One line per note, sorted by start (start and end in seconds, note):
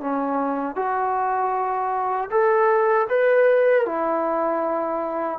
0.00 0.75 C#4
0.75 2.29 F#4
2.30 3.07 A4
3.09 3.85 B4
3.85 5.39 E4